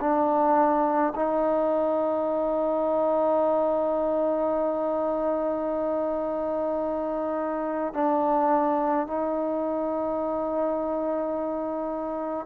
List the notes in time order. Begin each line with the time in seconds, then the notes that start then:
0.00 D4
1.15 D#4
7.93 D4
9.07 D#4